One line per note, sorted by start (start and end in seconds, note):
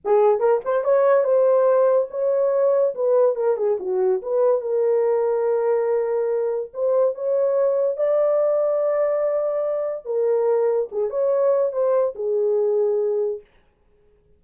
0.04 0.39 G#4
0.39 0.60 A#4
0.64 0.84 C5
0.84 1.24 C#5
1.24 2.08 C5
2.10 2.94 C#5
2.94 3.35 B4
3.35 3.56 A#4
3.56 3.77 G#4
3.79 4.21 F#4
4.21 4.61 B4
4.61 6.70 A#4
6.73 7.14 C5
7.14 7.96 C#5
7.96 10.05 D5
10.05 10.89 A#4
10.91 11.10 G#4
11.10 11.72 C#5
11.72 12.14 C5
12.15 13.41 G#4